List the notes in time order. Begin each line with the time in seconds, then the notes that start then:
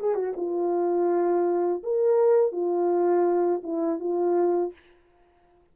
0.00 G#4
0.15 F#4
0.37 F4
1.83 A#4
2.52 F4
3.64 E4
3.99 F4